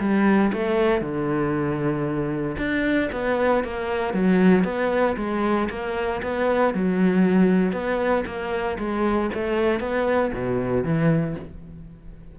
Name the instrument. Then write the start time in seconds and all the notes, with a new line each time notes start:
cello
0.00 G3
0.53 A3
1.02 D3
2.58 D4
3.12 B3
3.65 A#3
4.14 F#3
4.65 B3
5.17 G#3
5.70 A#3
6.23 B3
6.74 F#3
7.73 B3
8.26 A#3
8.79 G#3
9.34 A3
9.80 B3
10.34 B2
10.84 E3